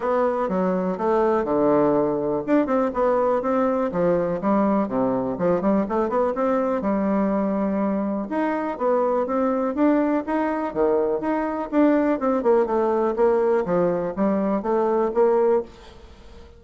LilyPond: \new Staff \with { instrumentName = "bassoon" } { \time 4/4 \tempo 4 = 123 b4 fis4 a4 d4~ | d4 d'8 c'8 b4 c'4 | f4 g4 c4 f8 g8 | a8 b8 c'4 g2~ |
g4 dis'4 b4 c'4 | d'4 dis'4 dis4 dis'4 | d'4 c'8 ais8 a4 ais4 | f4 g4 a4 ais4 | }